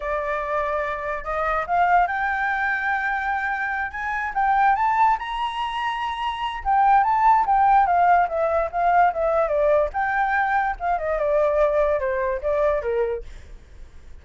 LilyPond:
\new Staff \with { instrumentName = "flute" } { \time 4/4 \tempo 4 = 145 d''2. dis''4 | f''4 g''2.~ | g''4. gis''4 g''4 a''8~ | a''8 ais''2.~ ais''8 |
g''4 a''4 g''4 f''4 | e''4 f''4 e''4 d''4 | g''2 f''8 dis''8 d''4~ | d''4 c''4 d''4 ais'4 | }